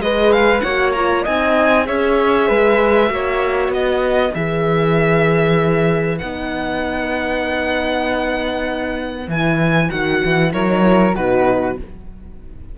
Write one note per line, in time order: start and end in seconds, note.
0.00 0.62 G#3
0.00 0.63 G#4
0.00 0.64 B4
0.00 0.32 D#5
0.32 0.61 F5
0.61 1.26 A#3
0.61 0.96 F#4
0.61 1.23 C#5
0.61 0.91 F#5
0.93 1.26 F4
0.93 1.23 A#5
1.23 1.89 C4
1.23 1.85 D#4
1.23 1.85 D#5
1.23 1.87 G#5
1.85 2.49 C#4
1.85 3.07 G#4
1.85 2.48 C#5
1.85 3.72 E5
2.48 3.10 G#3
2.48 3.10 B4
3.07 3.68 A#3
3.07 4.31 F#4
3.14 3.75 C#5
3.68 4.30 B3
3.68 4.35 D#5
3.75 10.54 B4
4.35 6.21 E3
4.35 6.20 G#4
4.35 6.18 E5
6.18 9.28 B3
6.18 9.28 D#4
6.18 9.27 F#5
9.28 9.90 E3
9.28 9.89 E4
9.28 9.90 G#5
9.89 10.23 D#3
9.89 10.51 F#4
9.89 10.52 F#5
10.25 10.54 E3
10.52 11.16 F#3
10.52 10.68 E4
10.52 11.15 A#4
10.52 11.15 C#5
10.68 10.82 D#4
10.82 11.13 E4
11.15 11.78 B2
11.15 11.77 D#4
11.15 11.76 F#4
11.15 11.78 B4